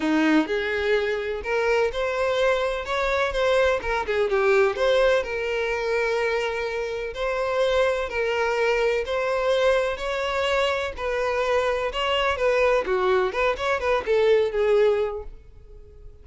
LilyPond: \new Staff \with { instrumentName = "violin" } { \time 4/4 \tempo 4 = 126 dis'4 gis'2 ais'4 | c''2 cis''4 c''4 | ais'8 gis'8 g'4 c''4 ais'4~ | ais'2. c''4~ |
c''4 ais'2 c''4~ | c''4 cis''2 b'4~ | b'4 cis''4 b'4 fis'4 | b'8 cis''8 b'8 a'4 gis'4. | }